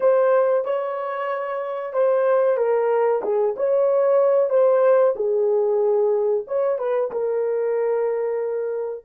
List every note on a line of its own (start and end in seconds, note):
0.00 0.64 C5
0.64 1.93 C#5
1.93 2.57 C5
2.57 3.21 A#4
3.23 3.55 G#4
3.56 4.49 C#5
4.49 5.13 C5
5.15 6.44 G#4
6.47 6.78 C#5
6.78 7.10 B4
7.11 9.04 A#4